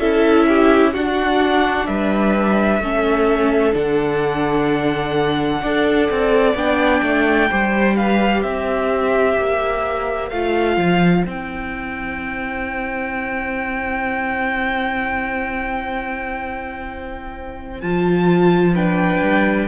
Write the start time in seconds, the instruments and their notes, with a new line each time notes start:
0.00 cello C#4, viola E4, violin A4 E5
0.48 violin G4
0.94 viola D4, cello D4, violin F#4 F#5
1.87 cello G3, violin B4 E5
2.79 cello A3, viola C#4, violin A4
3.73 cello D3, viola D4, violin F#5
5.62 cello D4, viola A4, violin D5
6.11 cello C4
6.55 cello B3, viola D4, violin G5
7.03 cello A3
7.50 cello G3, viola G4, violin C5
7.96 violin B4 F5
8.43 cello C4, violin C5 E5
9.38 cello A#3
10.29 cello A3, viola F4, violin F5
10.77 cello F3
11.25 cello C4, viola E4, violin G5
17.81 cello F3, viola F4, violin A5
18.74 viola D4, violin B4 G5
19.22 cello G3